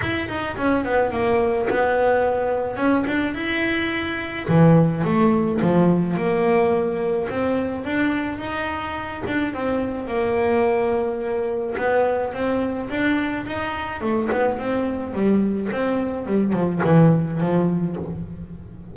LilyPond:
\new Staff \with { instrumentName = "double bass" } { \time 4/4 \tempo 4 = 107 e'8 dis'8 cis'8 b8 ais4 b4~ | b4 cis'8 d'8 e'2 | e4 a4 f4 ais4~ | ais4 c'4 d'4 dis'4~ |
dis'8 d'8 c'4 ais2~ | ais4 b4 c'4 d'4 | dis'4 a8 b8 c'4 g4 | c'4 g8 f8 e4 f4 | }